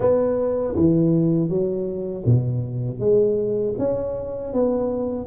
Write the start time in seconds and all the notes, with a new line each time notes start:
0.00 B3
0.75 E3
1.49 F#3
2.25 B2
2.99 G#3
3.78 C#4
4.53 B3